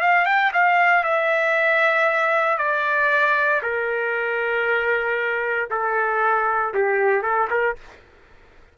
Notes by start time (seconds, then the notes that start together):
0.00 F5
0.25 G5
0.53 F5
1.03 E5
2.58 D5
3.62 A#4
5.70 A4
6.74 G4
7.22 A4
7.50 A#4